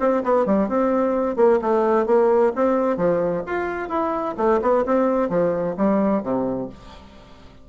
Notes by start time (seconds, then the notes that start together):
0.00 C4
0.23 B3
0.46 G3
0.69 C4
1.36 A#3
1.61 A3
2.06 A#3
2.56 C4
2.97 F3
3.46 F4
3.89 E4
4.38 A3
4.62 B3
4.86 C4
5.30 F3
5.77 G3
6.23 C3